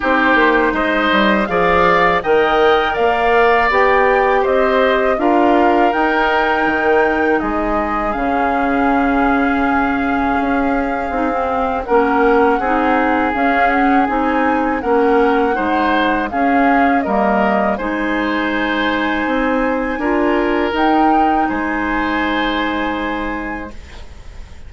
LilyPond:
<<
  \new Staff \with { instrumentName = "flute" } { \time 4/4 \tempo 4 = 81 c''4 dis''4 f''4 g''4 | f''4 g''4 dis''4 f''4 | g''2 dis''4 f''4~ | f''1 |
fis''2 f''8 fis''8 gis''4 | fis''2 f''4 dis''4 | gis''1 | g''4 gis''2. | }
  \new Staff \with { instrumentName = "oboe" } { \time 4/4 g'4 c''4 d''4 dis''4 | d''2 c''4 ais'4~ | ais'2 gis'2~ | gis'1 |
ais'4 gis'2. | ais'4 c''4 gis'4 ais'4 | c''2. ais'4~ | ais'4 c''2. | }
  \new Staff \with { instrumentName = "clarinet" } { \time 4/4 dis'2 gis'4 ais'4~ | ais'4 g'2 f'4 | dis'2. cis'4~ | cis'2. dis'16 c'8. |
cis'4 dis'4 cis'4 dis'4 | cis'4 dis'4 cis'4 ais4 | dis'2. f'4 | dis'1 | }
  \new Staff \with { instrumentName = "bassoon" } { \time 4/4 c'8 ais8 gis8 g8 f4 dis4 | ais4 b4 c'4 d'4 | dis'4 dis4 gis4 cis4~ | cis2 cis'4 c'4 |
ais4 c'4 cis'4 c'4 | ais4 gis4 cis'4 g4 | gis2 c'4 d'4 | dis'4 gis2. | }
>>